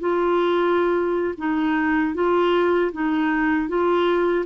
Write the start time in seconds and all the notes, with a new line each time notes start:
0.00 F4
1.38 D#4
2.15 F4
2.93 D#4
3.69 F4